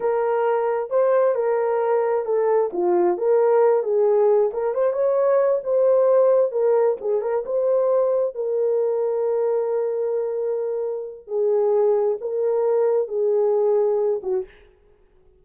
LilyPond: \new Staff \with { instrumentName = "horn" } { \time 4/4 \tempo 4 = 133 ais'2 c''4 ais'4~ | ais'4 a'4 f'4 ais'4~ | ais'8 gis'4. ais'8 c''8 cis''4~ | cis''8 c''2 ais'4 gis'8 |
ais'8 c''2 ais'4.~ | ais'1~ | ais'4 gis'2 ais'4~ | ais'4 gis'2~ gis'8 fis'8 | }